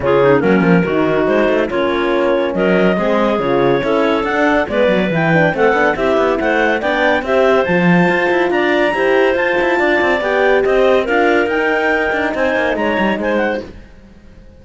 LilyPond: <<
  \new Staff \with { instrumentName = "clarinet" } { \time 4/4 \tempo 4 = 141 gis'4 ais'2 c''4 | cis''2 dis''2 | cis''2 fis''4 d''4 | g''4 fis''4 e''4 fis''4 |
g''4 e''4 a''2 | ais''2 a''2 | g''4 dis''4 f''4 g''4~ | g''4 gis''4 ais''4 gis''8 fis''8 | }
  \new Staff \with { instrumentName = "clarinet" } { \time 4/4 f'8 dis'8 cis'4 fis'2 | f'2 ais'4 gis'4~ | gis'4 a'2 b'4~ | b'4 a'4 g'4 c''4 |
d''4 c''2. | d''4 c''2 d''4~ | d''4 c''4 ais'2~ | ais'4 c''4 cis''4 c''4 | }
  \new Staff \with { instrumentName = "horn" } { \time 4/4 cis'4 ais4 dis'2 | cis'2. c'4 | f'4 e'4 d'4 b4 | e'8 d'8 c'8 d'8 e'2 |
d'4 g'4 f'2~ | f'4 g'4 f'2 | g'2 f'4 dis'4~ | dis'1 | }
  \new Staff \with { instrumentName = "cello" } { \time 4/4 cis4 fis8 f8 dis4 gis8 a8 | ais2 fis4 gis4 | cis4 cis'4 d'4 gis8 fis8 | e4 a8 b8 c'8 b8 a4 |
b4 c'4 f4 f'8 e'8 | d'4 e'4 f'8 e'8 d'8 c'8 | b4 c'4 d'4 dis'4~ | dis'8 d'8 c'8 ais8 gis8 g8 gis4 | }
>>